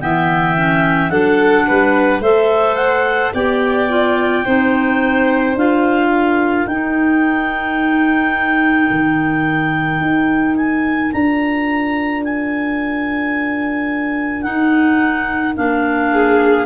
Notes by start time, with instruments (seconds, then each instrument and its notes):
0.00 tuba E3, clarinet B3 G5, violin E5
0.56 clarinet C#4
1.09 tuba F#3, clarinet D4 F#5, violin A4
1.68 tuba G3, violin B4
2.20 tuba A3, clarinet A4 E5, violin C5
2.76 clarinet F#5
3.34 tuba B3, clarinet G4 G5, violin D5
3.89 clarinet F4
4.45 tuba C4, clarinet D#4, violin C5
5.55 tuba D4, clarinet F4 F5
6.09 violin A#4
6.67 tuba D#4, clarinet D#4 G5
8.90 tuba D#3
10.01 tuba D#4
10.56 clarinet G#5
11.12 tuba D4, clarinet F4 A#5
12.24 clarinet G#5
14.42 clarinet D#4 F#5, tuba D#4
15.56 tuba A#3, clarinet D4 F5
16.13 violin G#4